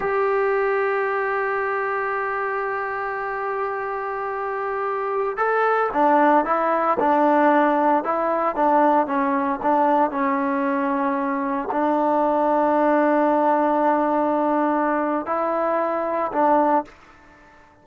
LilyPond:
\new Staff \with { instrumentName = "trombone" } { \time 4/4 \tempo 4 = 114 g'1~ | g'1~ | g'2~ g'16 a'4 d'8.~ | d'16 e'4 d'2 e'8.~ |
e'16 d'4 cis'4 d'4 cis'8.~ | cis'2~ cis'16 d'4.~ d'16~ | d'1~ | d'4 e'2 d'4 | }